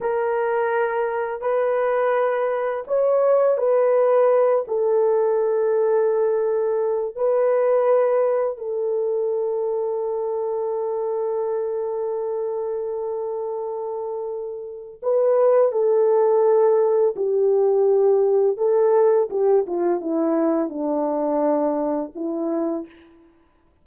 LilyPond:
\new Staff \with { instrumentName = "horn" } { \time 4/4 \tempo 4 = 84 ais'2 b'2 | cis''4 b'4. a'4.~ | a'2 b'2 | a'1~ |
a'1~ | a'4 b'4 a'2 | g'2 a'4 g'8 f'8 | e'4 d'2 e'4 | }